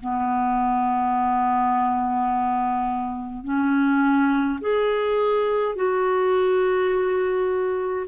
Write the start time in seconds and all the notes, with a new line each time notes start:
0.00 B3
3.44 C#4
4.60 G#4
5.75 F#4